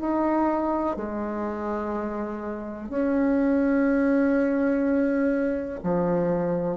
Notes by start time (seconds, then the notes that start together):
0.00 D#4
0.96 G#3
2.89 C#4
5.83 F3